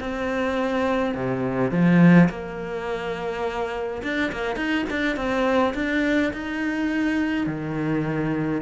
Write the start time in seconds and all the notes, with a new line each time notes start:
0.00 C4
1.15 C3
1.71 F3
2.29 A#3
4.03 D4
4.32 A#3
4.56 D#4
4.90 D4
5.16 C4
5.75 D4
6.33 D#4
7.46 D#3